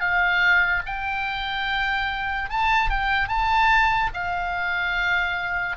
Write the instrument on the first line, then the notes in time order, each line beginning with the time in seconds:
oboe
0.00 F5
0.86 G5
2.50 A5
2.90 G5
3.28 A5
4.14 F5